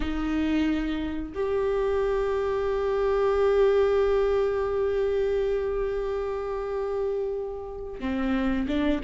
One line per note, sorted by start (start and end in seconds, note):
0.00 1.32 D#4
1.34 7.99 G4
7.99 8.66 C4
8.67 9.00 D4